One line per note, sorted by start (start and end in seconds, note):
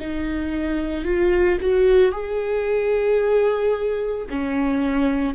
0.00 1.05 D#4
1.05 1.58 F4
1.61 2.12 F#4
2.12 4.27 G#4
4.31 5.35 C#4